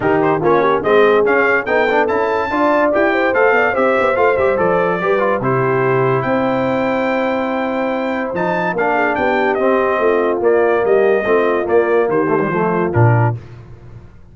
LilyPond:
<<
  \new Staff \with { instrumentName = "trumpet" } { \time 4/4 \tempo 4 = 144 ais'8 c''8 cis''4 dis''4 f''4 | g''4 a''2 g''4 | f''4 e''4 f''8 e''8 d''4~ | d''4 c''2 g''4~ |
g''1 | a''4 f''4 g''4 dis''4~ | dis''4 d''4 dis''2 | d''4 c''2 ais'4 | }
  \new Staff \with { instrumentName = "horn" } { \time 4/4 g'4 f'8 g'8 gis'2 | a'2 d''4. c''8~ | c''8 d''8 c''2. | b'4 g'2 c''4~ |
c''1~ | c''4 ais'8 gis'8 g'2 | f'2 g'4 f'4~ | f'4 g'4 f'2 | }
  \new Staff \with { instrumentName = "trombone" } { \time 4/4 dis'4 cis'4 c'4 cis'4 | dis'8 d'8 e'4 f'4 g'4 | a'4 g'4 f'8 g'8 a'4 | g'8 f'8 e'2.~ |
e'1 | dis'4 d'2 c'4~ | c'4 ais2 c'4 | ais4. a16 g16 a4 d'4 | }
  \new Staff \with { instrumentName = "tuba" } { \time 4/4 dis4 ais4 gis4 cis'4 | b4 cis'4 d'4 e'4 | a8 b8 c'8 b8 a8 g8 f4 | g4 c2 c'4~ |
c'1 | f4 ais4 b4 c'4 | a4 ais4 g4 a4 | ais4 dis4 f4 ais,4 | }
>>